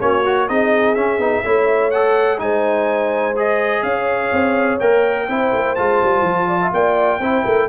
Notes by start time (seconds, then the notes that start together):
0.00 A#3 C#4 F#4 C#5
0.26 F#4
0.48 C4 D#4 G#4 D#5
0.95 C#4 E5
1.19 B3 D#4
1.44 A3 E4 C#5
1.91 A4 F#5
2.38 G#3 D#4 C5 G#5
3.37 G#4 D#5
3.83 C#4 C#5 F5
4.33 C4
4.80 A#3 A#4 G5
5.27 C4 E4 C5
5.54 A#3
5.75 G#3 F4 A5
6.03 G3
6.22 F3
6.48 D5
6.61 E5
6.74 A#3 D5 G5
7.20 C4 E4 C5
7.44 A3 A#4